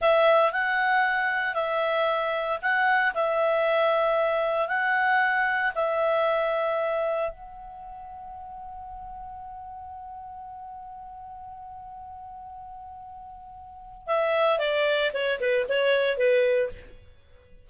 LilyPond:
\new Staff \with { instrumentName = "clarinet" } { \time 4/4 \tempo 4 = 115 e''4 fis''2 e''4~ | e''4 fis''4 e''2~ | e''4 fis''2 e''4~ | e''2 fis''2~ |
fis''1~ | fis''1~ | fis''2. e''4 | d''4 cis''8 b'8 cis''4 b'4 | }